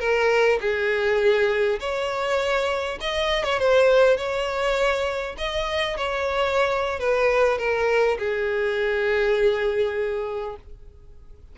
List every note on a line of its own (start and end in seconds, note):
0.00 0.59 A#4
0.61 1.80 G#4
1.80 2.99 C#5
3.01 3.45 D#5
3.45 3.59 C#5
3.59 4.17 C5
4.17 5.36 C#5
5.38 5.98 D#5
5.98 7.00 C#5
7.00 7.59 B4
7.59 8.18 A#4
8.19 10.57 G#4